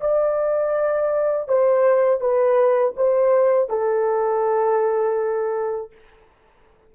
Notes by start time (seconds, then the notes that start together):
0.00 D5
1.48 C5
2.20 B4
2.96 C5
3.69 A4